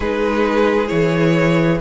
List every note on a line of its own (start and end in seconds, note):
0.00 0.90 G#3
0.00 0.87 D#4
0.00 1.80 G#4
0.00 0.87 B4
0.87 1.80 E3
0.87 1.78 E4
0.87 1.78 C#5